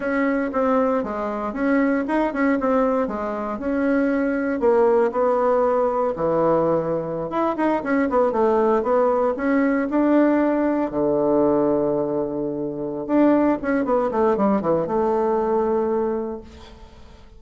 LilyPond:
\new Staff \with { instrumentName = "bassoon" } { \time 4/4 \tempo 4 = 117 cis'4 c'4 gis4 cis'4 | dis'8 cis'8 c'4 gis4 cis'4~ | cis'4 ais4 b2 | e2~ e16 e'8 dis'8 cis'8 b16~ |
b16 a4 b4 cis'4 d'8.~ | d'4~ d'16 d2~ d8.~ | d4. d'4 cis'8 b8 a8 | g8 e8 a2. | }